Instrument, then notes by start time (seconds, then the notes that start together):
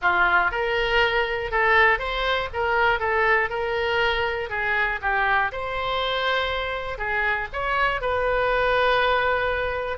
oboe
0.01 F4
0.51 A#4
1.51 A4
1.98 C5
2.53 A#4
2.99 A4
3.49 A#4
4.49 G#4
5.01 G4
5.52 C5
6.97 G#4
7.52 C#5
8.01 B4